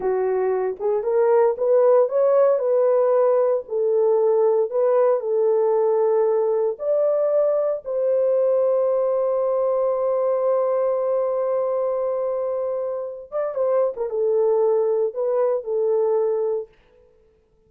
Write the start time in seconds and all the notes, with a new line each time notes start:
0.00 F#4
0.79 G#4
1.03 A#4
1.57 B4
2.08 C#5
2.58 B4
3.68 A4
4.70 B4
5.20 A4
6.78 D5
7.85 C5
13.31 D5
13.54 C5
13.96 A#4
14.09 A4
15.14 B4
15.64 A4